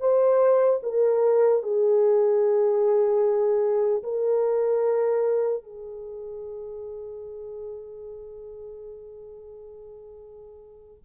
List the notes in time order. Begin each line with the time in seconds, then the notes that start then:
0.00 C5
0.83 A#4
1.63 G#4
4.03 A#4
5.63 G#4